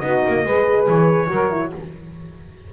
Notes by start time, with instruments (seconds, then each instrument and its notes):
0.00 double bass B3, horn D#4, saxophone F#4, trumpet D#5
0.28 double bass A#3
0.44 double bass G#3, horn G#4, saxophone B4
0.88 double bass E3, trumpet C#5
1.27 double bass F#3, horn F#4, saxophone A#4
1.51 horn E4